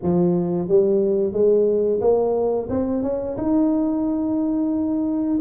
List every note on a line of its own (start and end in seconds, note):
0.02 0.68 F3
0.68 1.32 G3
1.32 2.00 G#3
2.00 2.68 A#3
2.69 3.02 C4
3.02 3.36 C#4
3.37 5.39 D#4